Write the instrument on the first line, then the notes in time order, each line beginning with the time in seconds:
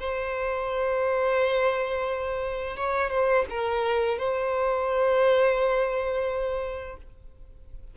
violin
0.00 C5
2.77 C#5
3.11 C5
3.50 A#4
4.19 C5